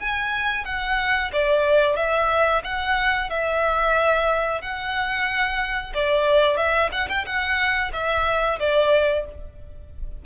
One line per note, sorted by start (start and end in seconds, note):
0.00 0.65 G#5
0.65 1.31 F#5
1.33 1.96 D5
1.96 2.62 E5
2.64 3.30 F#5
3.30 4.61 E5
4.61 5.93 F#5
5.94 6.57 D5
6.57 6.90 E5
6.92 7.08 F#5
7.09 7.26 G5
7.26 7.92 F#5
7.93 8.59 E5
8.59 9.25 D5